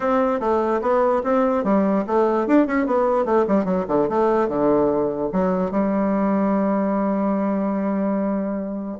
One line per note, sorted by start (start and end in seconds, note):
0.00 0.40 C4
0.40 0.81 A3
0.81 1.22 B3
1.23 1.63 C4
1.63 2.04 G3
2.06 2.47 A3
2.47 2.66 D4
2.66 2.86 C#4
2.86 3.25 B3
3.25 3.45 A3
3.47 3.64 G3
3.64 3.85 F#3
3.88 4.08 D3
4.09 4.48 A3
4.48 5.30 D3
5.32 5.71 F#3
5.71 8.97 G3